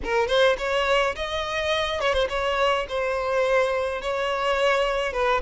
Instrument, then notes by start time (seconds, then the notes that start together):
violin
0.03 A#4
0.27 C5
0.58 C#5
1.15 D#5
2.01 C#5
2.13 C5
2.29 C#5
2.89 C5
4.01 C#5
5.12 B4